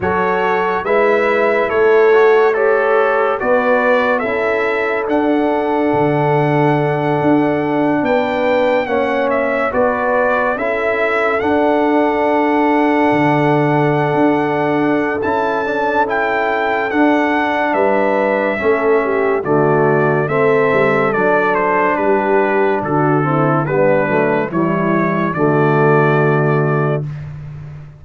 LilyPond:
<<
  \new Staff \with { instrumentName = "trumpet" } { \time 4/4 \tempo 4 = 71 cis''4 e''4 cis''4 a'4 | d''4 e''4 fis''2~ | fis''4. g''4 fis''8 e''8 d''8~ | d''8 e''4 fis''2~ fis''8~ |
fis''2 a''4 g''4 | fis''4 e''2 d''4 | e''4 d''8 c''8 b'4 a'4 | b'4 cis''4 d''2 | }
  \new Staff \with { instrumentName = "horn" } { \time 4/4 a'4 b'4 a'4 cis''4 | b'4 a'2.~ | a'4. b'4 cis''4 b'8~ | b'8 a'2.~ a'8~ |
a'1~ | a'4 b'4 a'8 g'8 fis'4 | a'2 g'4 fis'8 e'8 | d'4 e'4 fis'2 | }
  \new Staff \with { instrumentName = "trombone" } { \time 4/4 fis'4 e'4. fis'8 g'4 | fis'4 e'4 d'2~ | d'2~ d'8 cis'4 fis'8~ | fis'8 e'4 d'2~ d'8~ |
d'2 e'8 d'8 e'4 | d'2 cis'4 a4 | c'4 d'2~ d'8 c'8 | b8 a8 g4 a2 | }
  \new Staff \with { instrumentName = "tuba" } { \time 4/4 fis4 gis4 a2 | b4 cis'4 d'4 d4~ | d8 d'4 b4 ais4 b8~ | b8 cis'4 d'2 d8~ |
d8. d'4~ d'16 cis'2 | d'4 g4 a4 d4 | a8 g8 fis4 g4 d4 | g8 fis8 e4 d2 | }
>>